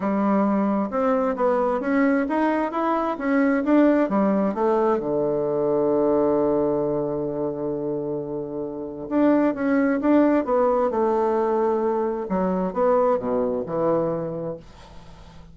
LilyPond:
\new Staff \with { instrumentName = "bassoon" } { \time 4/4 \tempo 4 = 132 g2 c'4 b4 | cis'4 dis'4 e'4 cis'4 | d'4 g4 a4 d4~ | d1~ |
d1 | d'4 cis'4 d'4 b4 | a2. fis4 | b4 b,4 e2 | }